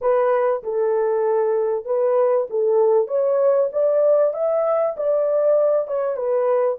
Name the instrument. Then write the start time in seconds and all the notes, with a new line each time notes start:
horn
0.01 B4
0.63 A4
1.85 B4
2.49 A4
3.07 C#5
3.72 D5
4.33 E5
4.97 D5
5.87 C#5
6.16 B4